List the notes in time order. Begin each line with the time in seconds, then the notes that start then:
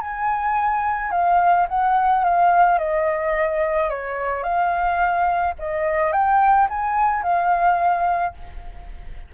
0.00 G#5
1.11 F5
1.68 F#5
2.24 F5
2.78 D#5
3.89 C#5
4.43 F5
5.58 D#5
6.12 G5
6.69 G#5
7.22 F5